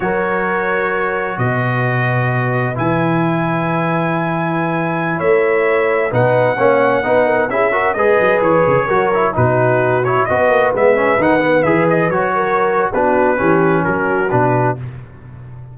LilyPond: <<
  \new Staff \with { instrumentName = "trumpet" } { \time 4/4 \tempo 4 = 130 cis''2. dis''4~ | dis''2 gis''2~ | gis''2.~ gis''16 e''8.~ | e''4~ e''16 fis''2~ fis''8.~ |
fis''16 e''4 dis''4 cis''4.~ cis''16~ | cis''16 b'4. cis''8 dis''4 e''8.~ | e''16 fis''4 e''8 dis''8 cis''4.~ cis''16 | b'2 ais'4 b'4 | }
  \new Staff \with { instrumentName = "horn" } { \time 4/4 ais'2. b'4~ | b'1~ | b'2.~ b'16 cis''8.~ | cis''4~ cis''16 b'4 cis''4 b'8 ais'16~ |
ais'16 gis'8 ais'8 b'2 ais'8.~ | ais'16 fis'2 b'4.~ b'16~ | b'2~ b'8. ais'4~ ais'16 | fis'4 g'4 fis'2 | }
  \new Staff \with { instrumentName = "trombone" } { \time 4/4 fis'1~ | fis'2 e'2~ | e'1~ | e'4~ e'16 dis'4 cis'4 dis'8.~ |
dis'16 e'8 fis'8 gis'2 fis'8 e'16~ | e'16 dis'4. e'8 fis'4 b8 cis'16~ | cis'16 dis'8 b8 gis'4 fis'4.~ fis'16 | d'4 cis'2 d'4 | }
  \new Staff \with { instrumentName = "tuba" } { \time 4/4 fis2. b,4~ | b,2 e2~ | e2.~ e16 a8.~ | a4~ a16 b,4 ais4 b8.~ |
b16 cis'4 gis8 fis8 e8 cis8 fis8.~ | fis16 b,2 b8 ais8 gis8.~ | gis16 dis4 e4 fis4.~ fis16 | b4 e4 fis4 b,4 | }
>>